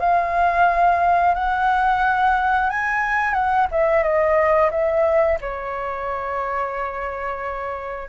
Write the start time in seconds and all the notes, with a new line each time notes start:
0.00 F5
1.35 F#5
2.70 G#5
3.33 F#5
3.72 E5
4.03 D#5
4.71 E5
5.41 C#5